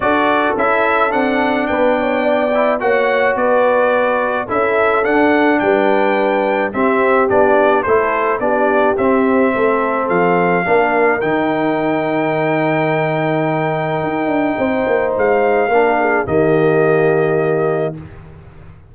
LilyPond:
<<
  \new Staff \with { instrumentName = "trumpet" } { \time 4/4 \tempo 4 = 107 d''4 e''4 fis''4 g''4~ | g''4 fis''4 d''2 | e''4 fis''4 g''2 | e''4 d''4 c''4 d''4 |
e''2 f''2 | g''1~ | g''2. f''4~ | f''4 dis''2. | }
  \new Staff \with { instrumentName = "horn" } { \time 4/4 a'2. b'8 cis''8 | d''4 cis''4 b'2 | a'2 b'2 | g'2 a'4 g'4~ |
g'4 a'2 ais'4~ | ais'1~ | ais'2 c''2 | ais'8 gis'8 g'2. | }
  \new Staff \with { instrumentName = "trombone" } { \time 4/4 fis'4 e'4 d'2~ | d'8 e'8 fis'2. | e'4 d'2. | c'4 d'4 e'4 d'4 |
c'2. d'4 | dis'1~ | dis'1 | d'4 ais2. | }
  \new Staff \with { instrumentName = "tuba" } { \time 4/4 d'4 cis'4 c'4 b4~ | b4 ais4 b2 | cis'4 d'4 g2 | c'4 b4 a4 b4 |
c'4 a4 f4 ais4 | dis1~ | dis4 dis'8 d'8 c'8 ais8 gis4 | ais4 dis2. | }
>>